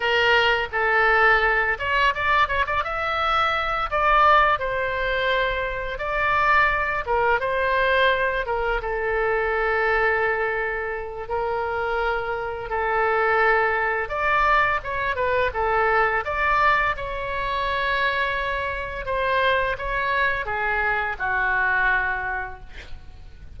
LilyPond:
\new Staff \with { instrumentName = "oboe" } { \time 4/4 \tempo 4 = 85 ais'4 a'4. cis''8 d''8 cis''16 d''16 | e''4. d''4 c''4.~ | c''8 d''4. ais'8 c''4. | ais'8 a'2.~ a'8 |
ais'2 a'2 | d''4 cis''8 b'8 a'4 d''4 | cis''2. c''4 | cis''4 gis'4 fis'2 | }